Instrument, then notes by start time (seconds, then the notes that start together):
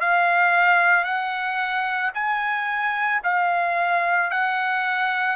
trumpet
0.00 F5
1.04 F#5
2.14 G#5
3.23 F5
4.31 F#5